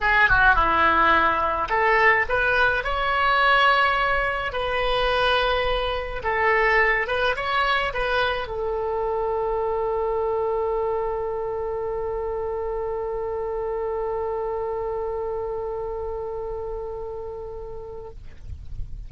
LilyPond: \new Staff \with { instrumentName = "oboe" } { \time 4/4 \tempo 4 = 106 gis'8 fis'8 e'2 a'4 | b'4 cis''2. | b'2. a'4~ | a'8 b'8 cis''4 b'4 a'4~ |
a'1~ | a'1~ | a'1~ | a'1 | }